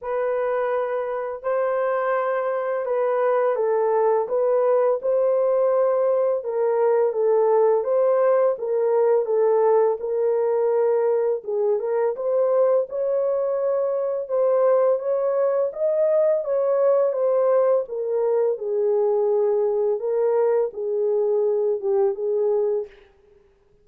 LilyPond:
\new Staff \with { instrumentName = "horn" } { \time 4/4 \tempo 4 = 84 b'2 c''2 | b'4 a'4 b'4 c''4~ | c''4 ais'4 a'4 c''4 | ais'4 a'4 ais'2 |
gis'8 ais'8 c''4 cis''2 | c''4 cis''4 dis''4 cis''4 | c''4 ais'4 gis'2 | ais'4 gis'4. g'8 gis'4 | }